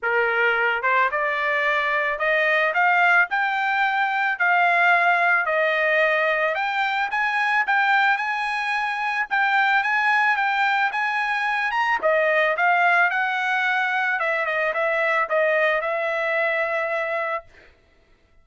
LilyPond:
\new Staff \with { instrumentName = "trumpet" } { \time 4/4 \tempo 4 = 110 ais'4. c''8 d''2 | dis''4 f''4 g''2 | f''2 dis''2 | g''4 gis''4 g''4 gis''4~ |
gis''4 g''4 gis''4 g''4 | gis''4. ais''8 dis''4 f''4 | fis''2 e''8 dis''8 e''4 | dis''4 e''2. | }